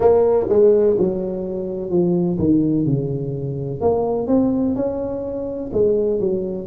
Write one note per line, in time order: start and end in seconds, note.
0.00 0.46 A#3
0.49 0.97 G#3
0.98 1.90 F#3
1.90 2.38 F3
2.38 2.85 D#3
2.85 3.81 C#3
3.81 4.27 A#3
4.27 4.74 C4
4.75 5.70 C#4
5.72 6.19 G#3
6.19 6.66 F#3